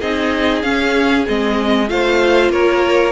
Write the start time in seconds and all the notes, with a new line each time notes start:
0.00 C4 D#4 G#4 D#5
0.62 C#4 F5
1.27 G#3 C4 D#5
1.88 A3 F4 C5 F5
2.50 A#3 A#4 C#5